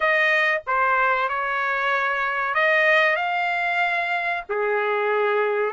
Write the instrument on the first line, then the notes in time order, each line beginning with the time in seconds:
trumpet
0.00 D#5
0.66 C5
1.29 C#5
2.54 D#5
3.16 F5
4.49 G#4